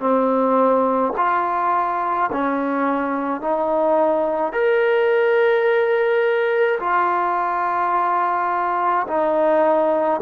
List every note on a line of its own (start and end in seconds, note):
0.00 1.13 C4
1.17 2.31 F4
2.32 3.41 C#4
3.41 4.53 D#4
4.53 6.79 A#4
6.80 9.07 F4
9.08 10.21 D#4